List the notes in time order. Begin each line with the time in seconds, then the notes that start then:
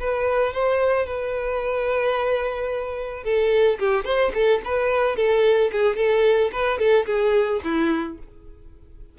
0.00 B4
0.53 C5
1.06 B4
3.24 A4
3.79 G4
4.05 C5
4.34 A4
4.65 B4
5.16 A4
5.72 G#4
5.97 A4
6.52 B4
6.79 A4
7.06 G#4
7.64 E4